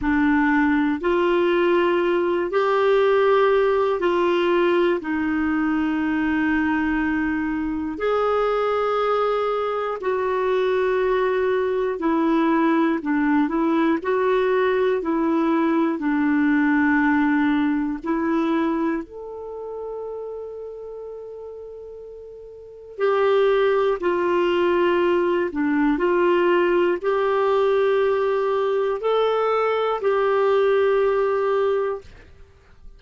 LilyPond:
\new Staff \with { instrumentName = "clarinet" } { \time 4/4 \tempo 4 = 60 d'4 f'4. g'4. | f'4 dis'2. | gis'2 fis'2 | e'4 d'8 e'8 fis'4 e'4 |
d'2 e'4 a'4~ | a'2. g'4 | f'4. d'8 f'4 g'4~ | g'4 a'4 g'2 | }